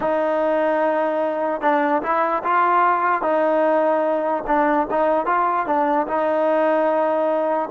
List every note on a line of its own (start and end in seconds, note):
0.00 1.61 D#4
1.61 2.02 D4
2.02 2.43 E4
2.43 3.21 F4
3.21 4.43 D#4
4.46 4.87 D4
4.90 5.26 D#4
5.26 5.66 F4
5.66 6.07 D4
6.07 7.69 D#4